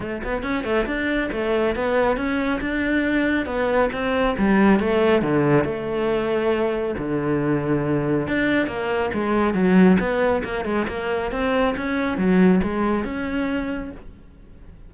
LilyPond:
\new Staff \with { instrumentName = "cello" } { \time 4/4 \tempo 4 = 138 a8 b8 cis'8 a8 d'4 a4 | b4 cis'4 d'2 | b4 c'4 g4 a4 | d4 a2. |
d2. d'4 | ais4 gis4 fis4 b4 | ais8 gis8 ais4 c'4 cis'4 | fis4 gis4 cis'2 | }